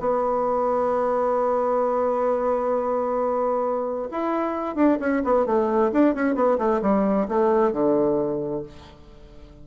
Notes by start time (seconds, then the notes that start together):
0.00 B3
4.12 E4
4.76 D4
5.00 C#4
5.25 B3
5.46 A3
5.93 D4
6.15 C#4
6.35 B3
6.58 A3
6.82 G3
7.28 A3
7.72 D3